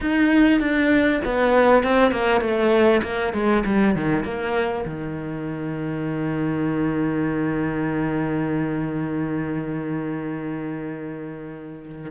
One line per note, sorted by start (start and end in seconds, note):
0.01 0.60 D#4
0.60 1.20 D4
1.24 1.83 B3
1.83 2.11 C4
2.11 2.40 A#3
2.40 3.01 A3
3.02 3.33 A#3
3.33 3.63 G#3
3.65 3.95 G3
3.95 4.24 D#3
4.24 4.84 A#3
4.85 12.10 D#3